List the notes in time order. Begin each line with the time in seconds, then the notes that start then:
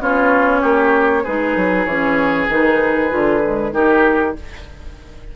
0.00 B3 C#4 F4 C#5
0.61 A#3 G4
1.23 G#3 D#4 G#4 B4
1.56 F#3
1.85 E3 C#4 C#5
2.48 D#3 D#4 B4
3.10 D3 F4
3.43 G#3
3.72 D#3 D#4 G4 A#4